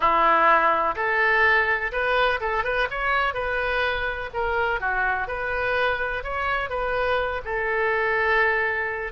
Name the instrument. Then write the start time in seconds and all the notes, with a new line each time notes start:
oboe
0.00 E4
0.95 A4
1.92 B4
2.40 A4
2.64 B4
2.90 C#5
3.34 B4
4.33 A#4
4.80 F#4
5.27 B4
6.23 C#5
6.69 B4
7.44 A4